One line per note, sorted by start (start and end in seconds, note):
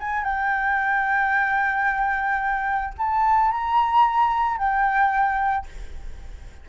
0.00 0.24 G#5
0.24 2.94 G5
2.98 3.52 A5
3.52 4.58 A#5
4.58 5.66 G5